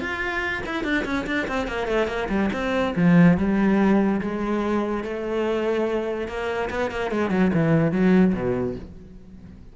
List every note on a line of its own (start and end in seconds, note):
0.00 0.62 F4
0.66 0.84 E4
0.84 1.05 D4
1.05 1.26 C#4
1.27 1.48 D4
1.48 1.67 C4
1.67 1.87 A#3
1.87 2.07 A3
2.07 2.28 A#3
2.29 2.50 G3
2.53 2.95 C4
2.96 3.37 F3
3.37 4.20 G3
4.21 5.04 G#3
5.04 6.28 A3
6.28 6.69 A#3
6.70 6.91 B3
6.91 7.11 A#3
7.11 7.30 G#3
7.30 7.51 F#3
7.54 7.92 E3
7.92 8.34 F#3
8.34 8.75 B2